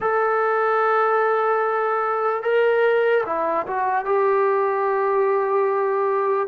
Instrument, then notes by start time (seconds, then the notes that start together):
trombone
0.00 A4
2.43 A#4
3.25 E4
3.67 F#4
4.05 G4